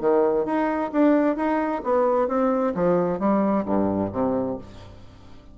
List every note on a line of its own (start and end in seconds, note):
0.00 0.45 D#3
0.45 0.91 D#4
0.92 1.36 D4
1.36 1.82 D#4
1.84 2.28 B3
2.28 2.73 C4
2.74 3.19 F3
3.19 3.65 G3
3.65 4.11 G2
4.12 4.58 C3